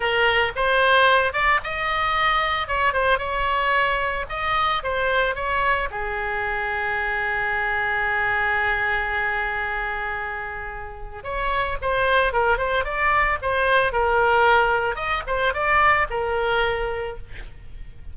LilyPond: \new Staff \with { instrumentName = "oboe" } { \time 4/4 \tempo 4 = 112 ais'4 c''4. d''8 dis''4~ | dis''4 cis''8 c''8 cis''2 | dis''4 c''4 cis''4 gis'4~ | gis'1~ |
gis'1~ | gis'4 cis''4 c''4 ais'8 c''8 | d''4 c''4 ais'2 | dis''8 c''8 d''4 ais'2 | }